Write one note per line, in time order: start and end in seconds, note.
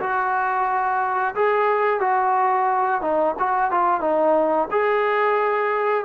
0.00 1.35 F#4
1.35 2.00 G#4
2.00 3.02 F#4
3.02 3.35 D#4
3.39 3.71 F#4
3.71 4.01 F4
4.01 4.68 D#4
4.71 6.05 G#4